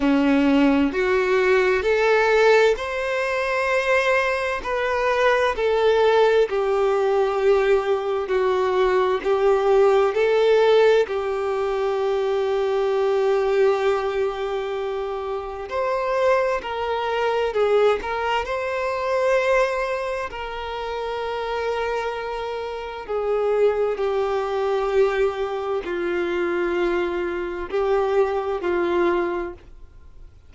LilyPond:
\new Staff \with { instrumentName = "violin" } { \time 4/4 \tempo 4 = 65 cis'4 fis'4 a'4 c''4~ | c''4 b'4 a'4 g'4~ | g'4 fis'4 g'4 a'4 | g'1~ |
g'4 c''4 ais'4 gis'8 ais'8 | c''2 ais'2~ | ais'4 gis'4 g'2 | f'2 g'4 f'4 | }